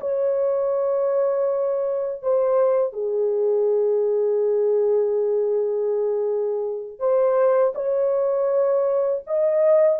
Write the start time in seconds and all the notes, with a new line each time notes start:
0.00 C#5
2.22 C5
2.93 G#4
6.99 C5
7.74 C#5
9.27 D#5